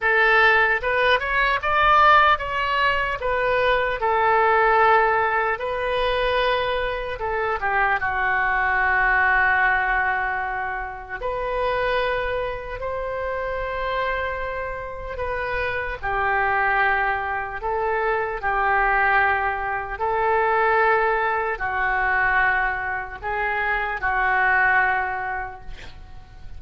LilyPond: \new Staff \with { instrumentName = "oboe" } { \time 4/4 \tempo 4 = 75 a'4 b'8 cis''8 d''4 cis''4 | b'4 a'2 b'4~ | b'4 a'8 g'8 fis'2~ | fis'2 b'2 |
c''2. b'4 | g'2 a'4 g'4~ | g'4 a'2 fis'4~ | fis'4 gis'4 fis'2 | }